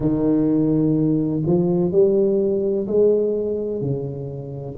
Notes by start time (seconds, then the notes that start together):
0.00 D#3
1.45 F3
1.91 G3
2.87 G#3
3.81 C#3